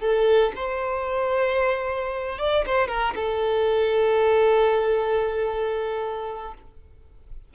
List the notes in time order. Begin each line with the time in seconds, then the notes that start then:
0.00 A4
0.55 C5
2.38 D5
2.66 C5
2.88 A#4
3.15 A4